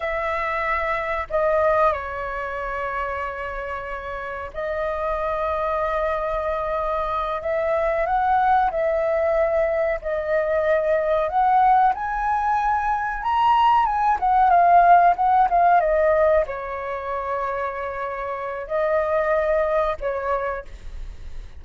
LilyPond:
\new Staff \with { instrumentName = "flute" } { \time 4/4 \tempo 4 = 93 e''2 dis''4 cis''4~ | cis''2. dis''4~ | dis''2.~ dis''8 e''8~ | e''8 fis''4 e''2 dis''8~ |
dis''4. fis''4 gis''4.~ | gis''8 ais''4 gis''8 fis''8 f''4 fis''8 | f''8 dis''4 cis''2~ cis''8~ | cis''4 dis''2 cis''4 | }